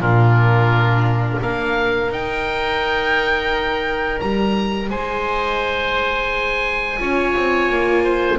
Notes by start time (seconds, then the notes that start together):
0.00 A#2 D4 F4 A#4
1.41 A#3 A#4 F5
2.10 D#4 G5
4.20 G3 A#5
4.89 G#3 C5 G#5
6.98 C#4 F4 C#5
7.35 C4
7.68 A#3
8.03 C5